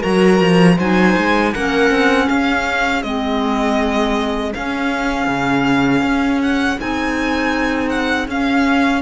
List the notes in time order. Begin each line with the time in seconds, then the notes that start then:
0.00 F#3 F#4 A#4 A#5
0.40 F3
0.78 F#3 D#4 C5 G#5
1.17 G#3
1.54 A#3 C#4 A#4 F#5
1.90 C4
2.25 C#4 G#4 F5
3.03 G#3 C4 D#5
4.53 C#4 F5
5.27 C#3
6.02 C#4
6.42 F#5
6.78 C4 D#4 G#5
7.89 F#5
8.28 C#4 F5